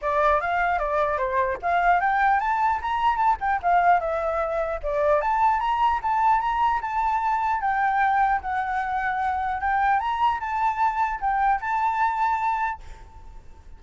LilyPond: \new Staff \with { instrumentName = "flute" } { \time 4/4 \tempo 4 = 150 d''4 f''4 d''4 c''4 | f''4 g''4 a''4 ais''4 | a''8 g''8 f''4 e''2 | d''4 a''4 ais''4 a''4 |
ais''4 a''2 g''4~ | g''4 fis''2. | g''4 ais''4 a''2 | g''4 a''2. | }